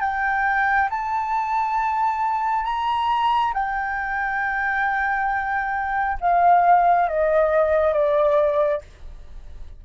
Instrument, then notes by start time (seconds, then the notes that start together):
flute
0.00 G5
0.90 A5
2.64 A#5
3.53 G5
6.20 F5
7.08 D#5
7.93 D5